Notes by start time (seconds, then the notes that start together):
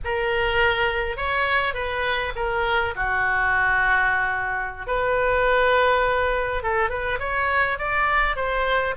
0.04 A#4
1.16 C#5
1.74 B4
2.35 A#4
2.95 F#4
4.86 B4
6.62 A4
6.89 B4
7.19 C#5
7.78 D5
8.36 C5